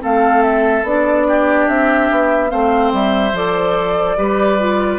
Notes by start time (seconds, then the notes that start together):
0.00 A3 C4 A4 F5
0.43 E5
0.84 B3 D4 D5
1.28 G4
1.69 C4 E5
2.11 B3
2.49 A3 C4 C5 F5
2.93 G3 E5
3.33 F3 A4 D5
4.18 G3 G4 B4
4.60 F4